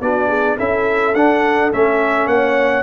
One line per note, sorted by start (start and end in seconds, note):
0.00 0.57 B3
0.00 0.58 D4
0.00 0.28 F#4
0.00 0.58 D5
0.28 0.56 G#4
0.57 1.14 C#4
0.57 1.15 E4
0.57 2.27 A4
0.57 1.15 E5
1.14 1.71 D4
1.14 1.72 D4
1.14 1.71 F#5
1.72 2.26 A3
1.72 2.83 C#4
1.72 2.27 E5
2.26 2.83 A#3
2.26 2.83 C#5
2.26 2.83 F#5